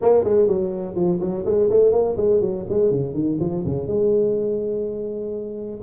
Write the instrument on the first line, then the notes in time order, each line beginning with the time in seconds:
tuba
0.01 A#3
0.24 G#3
0.47 F#3
0.95 F3
1.20 F#3
1.45 G#3
1.70 A3
1.91 A#3
2.17 G#3
2.41 F#3
2.69 G#3
2.90 C#3
3.14 D#3
3.40 F3
3.65 C#3
3.87 G#3